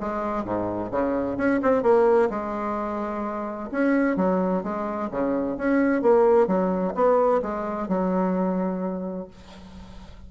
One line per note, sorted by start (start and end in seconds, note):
0.00 0.44 G#3
0.44 0.91 G#2
0.91 1.37 C#3
1.37 1.60 C#4
1.62 1.83 C4
1.83 2.29 A#3
2.30 3.69 G#3
3.71 4.16 C#4
4.16 4.63 F#3
4.63 5.10 G#3
5.11 5.57 C#3
5.57 6.02 C#4
6.02 6.47 A#3
6.47 6.94 F#3
6.95 7.41 B3
7.42 7.88 G#3
7.88 9.28 F#3